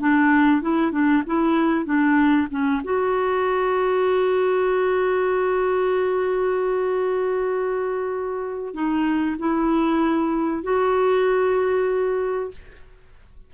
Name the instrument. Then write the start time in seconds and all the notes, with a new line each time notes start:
clarinet
0.00 D4
0.62 E4
0.92 D4
1.27 E4
1.86 D4
2.51 C#4
2.84 F#4
8.74 D#4
9.39 E4
10.64 F#4